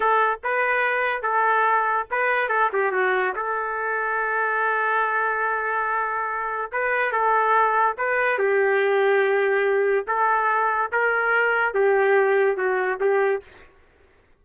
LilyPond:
\new Staff \with { instrumentName = "trumpet" } { \time 4/4 \tempo 4 = 143 a'4 b'2 a'4~ | a'4 b'4 a'8 g'8 fis'4 | a'1~ | a'1 |
b'4 a'2 b'4 | g'1 | a'2 ais'2 | g'2 fis'4 g'4 | }